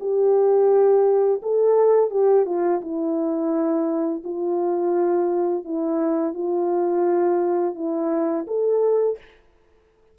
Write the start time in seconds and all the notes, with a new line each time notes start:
0.00 G4
1.42 A4
2.10 G4
2.46 F4
2.81 E4
4.24 F4
5.64 E4
6.34 F4
7.75 E4
8.47 A4